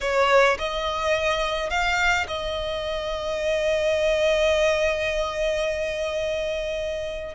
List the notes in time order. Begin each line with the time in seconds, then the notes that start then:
0.01 C#5
0.58 D#5
1.70 F5
2.27 D#5